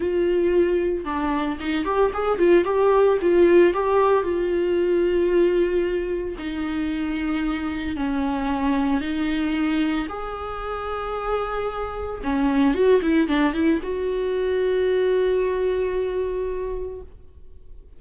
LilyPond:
\new Staff \with { instrumentName = "viola" } { \time 4/4 \tempo 4 = 113 f'2 d'4 dis'8 g'8 | gis'8 f'8 g'4 f'4 g'4 | f'1 | dis'2. cis'4~ |
cis'4 dis'2 gis'4~ | gis'2. cis'4 | fis'8 e'8 d'8 e'8 fis'2~ | fis'1 | }